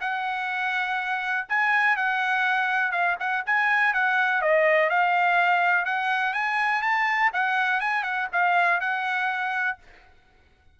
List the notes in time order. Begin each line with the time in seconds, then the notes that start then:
0.00 F#5
1.48 G#5
1.96 F#5
2.91 F5
3.19 F#5
3.45 G#5
3.93 F#5
4.41 D#5
4.89 F5
5.85 F#5
6.33 G#5
6.82 A5
7.33 F#5
7.80 G#5
8.03 F#5
8.32 F5
8.80 F#5